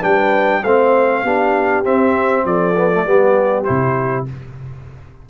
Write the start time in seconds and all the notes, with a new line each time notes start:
0.00 G3 D4 B4 G5
0.63 A3 C4 C5 F5
1.23 B3 D4 G4
1.84 C4 E5
2.45 F3 A4 D5
2.76 B3
2.92 A3
3.05 G3 B3 G4
3.64 C3 E4 C5